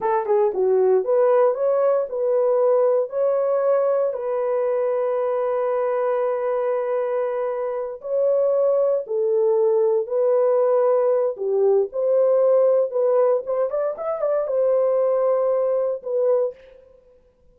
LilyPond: \new Staff \with { instrumentName = "horn" } { \time 4/4 \tempo 4 = 116 a'8 gis'8 fis'4 b'4 cis''4 | b'2 cis''2 | b'1~ | b'2.~ b'8 cis''8~ |
cis''4. a'2 b'8~ | b'2 g'4 c''4~ | c''4 b'4 c''8 d''8 e''8 d''8 | c''2. b'4 | }